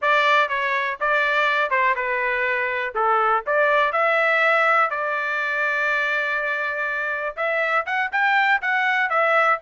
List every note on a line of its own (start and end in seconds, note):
0.01 0.49 D5
0.49 0.98 C#5
1.00 1.70 D5
1.70 1.94 C5
1.95 2.94 B4
2.95 3.44 A4
3.46 3.92 D5
3.92 4.90 E5
4.90 7.36 D5
7.36 7.85 E5
7.86 8.10 F#5
8.11 8.61 G5
8.61 9.09 F#5
9.09 9.58 E5